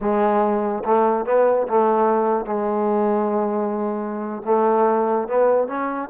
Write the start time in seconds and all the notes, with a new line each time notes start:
0.00 G#3
0.84 A3
1.25 B3
1.67 A3
2.45 G#3
4.45 A3
5.28 B3
5.67 C#4